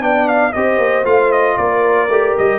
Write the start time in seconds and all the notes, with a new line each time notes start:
0.00 B3 D4 D5 G5
0.28 F5
0.52 C4 G4 C5 D#5
0.77 A#3
1.04 A3 F4 F5
1.31 D#5
1.57 A#3 A#4 D5
2.08 A3 G4
2.37 G3 D#5